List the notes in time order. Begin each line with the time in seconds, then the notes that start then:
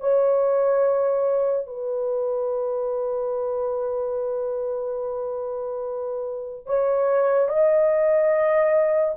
0.00 C#5
1.67 B4
6.66 C#5
7.48 D#5